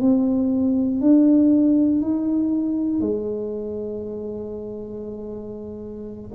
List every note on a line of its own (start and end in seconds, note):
0.00 1.01 C4
1.01 2.02 D4
2.02 3.00 D#4
3.00 6.31 G#3